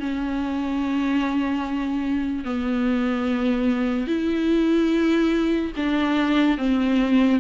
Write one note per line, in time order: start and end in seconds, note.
0.00 2.44 C#4
2.44 4.07 B3
4.07 5.72 E4
5.76 6.58 D4
6.58 7.40 C4